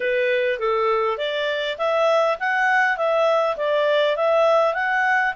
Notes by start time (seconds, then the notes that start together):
0.00 B4
0.59 A4
1.17 D5
1.78 E5
2.39 F#5
2.97 E5
3.56 D5
4.16 E5
4.74 F#5